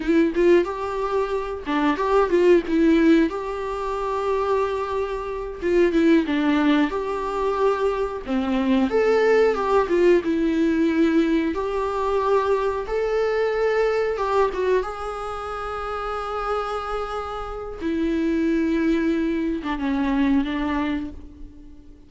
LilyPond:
\new Staff \with { instrumentName = "viola" } { \time 4/4 \tempo 4 = 91 e'8 f'8 g'4. d'8 g'8 f'8 | e'4 g'2.~ | g'8 f'8 e'8 d'4 g'4.~ | g'8 c'4 a'4 g'8 f'8 e'8~ |
e'4. g'2 a'8~ | a'4. g'8 fis'8 gis'4.~ | gis'2. e'4~ | e'4.~ e'16 d'16 cis'4 d'4 | }